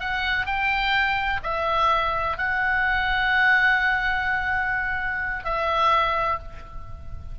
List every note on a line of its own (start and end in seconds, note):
0.00 0.46 F#5
0.46 1.40 G5
1.43 2.38 E5
2.38 5.44 F#5
5.44 6.38 E5